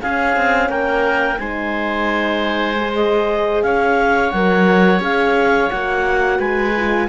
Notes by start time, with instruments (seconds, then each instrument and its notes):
0.00 horn C#4, cello C#4, oboe G#4, clarinet F5
0.36 cello C4
0.69 cello A#3, oboe A#4, clarinet G5
1.39 cello G#3, horn D#4, oboe C5, clarinet G#5
2.79 horn G#4
2.95 clarinet D#5
3.63 cello C#4, oboe C#5, clarinet F5
4.31 cello F#3, horn A#4, clarinet F#5
5.00 cello C#4, horn G#4, clarinet F5
5.71 cello A#3, horn F#4, clarinet F#5
6.39 cello G#3, oboe B4, clarinet G#5
6.76 horn F4